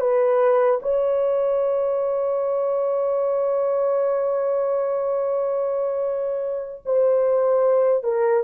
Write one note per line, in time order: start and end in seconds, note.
0.00 0.80 B4
0.82 6.82 C#5
6.85 8.03 C5
8.03 8.43 A#4